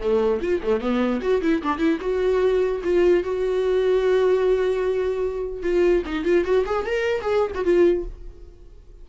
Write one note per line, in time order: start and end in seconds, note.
0.00 0.40 A3
0.41 0.62 F4
0.63 0.81 A3
0.81 1.21 B3
1.21 1.41 F#4
1.42 1.62 E4
1.63 1.79 D4
1.79 1.99 E4
2.01 2.82 F#4
2.84 3.24 F4
3.24 5.63 F#4
5.63 6.03 F4
6.06 6.25 D#4
6.25 6.45 F4
6.45 6.65 F#4
6.66 6.86 G#4
6.86 7.22 A#4
7.22 7.52 G#4
7.55 7.65 F#4
7.65 8.05 F4